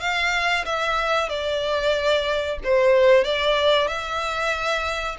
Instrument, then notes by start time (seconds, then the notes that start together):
violin
0.00 F5
0.65 E5
1.29 D5
2.64 C5
3.24 D5
3.87 E5